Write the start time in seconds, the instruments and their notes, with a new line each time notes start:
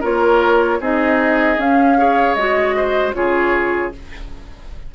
0.00 bassoon A#3, clarinet F4, oboe A#4, flute C#5
0.80 bassoon C4, clarinet D#4, oboe G#4, flute D#5
1.57 bassoon C#4, clarinet C#4, flute F5
1.98 clarinet G#4, oboe C#5
2.34 bassoon G#3, clarinet F#4, flute D#5
2.76 oboe C5
3.13 bassoon C#3, clarinet F4, oboe G#4, flute C#5